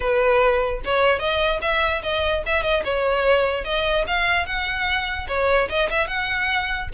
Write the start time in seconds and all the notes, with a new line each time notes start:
0.00 B4
0.84 C#5
1.19 D#5
1.61 E5
2.03 D#5
2.46 E5
2.63 D#5
2.84 C#5
3.64 D#5
4.07 F5
4.46 F#5
5.28 C#5
5.69 D#5
5.89 E5
6.07 F#5